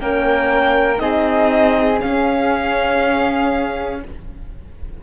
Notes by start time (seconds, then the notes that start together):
0.00 A#3 C#4 A#4 G5
0.97 C4 D#4 G#4 D#5
1.99 C#4 F5